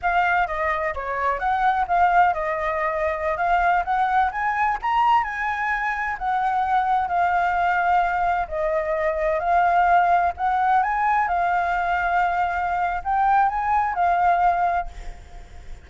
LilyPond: \new Staff \with { instrumentName = "flute" } { \time 4/4 \tempo 4 = 129 f''4 dis''4 cis''4 fis''4 | f''4 dis''2~ dis''16 f''8.~ | f''16 fis''4 gis''4 ais''4 gis''8.~ | gis''4~ gis''16 fis''2 f''8.~ |
f''2~ f''16 dis''4.~ dis''16~ | dis''16 f''2 fis''4 gis''8.~ | gis''16 f''2.~ f''8. | g''4 gis''4 f''2 | }